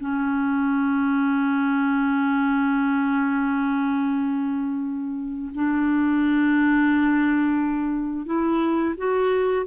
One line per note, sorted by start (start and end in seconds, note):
0.00 5.52 C#4
5.55 8.26 D4
8.26 8.95 E4
8.97 9.66 F#4